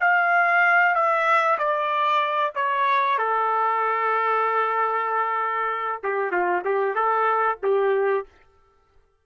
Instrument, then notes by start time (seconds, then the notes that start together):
trumpet
0.00 F5
0.94 E5
1.58 D5
2.55 C#5
3.18 A4
6.03 G4
6.31 F4
6.64 G4
6.95 A4
7.62 G4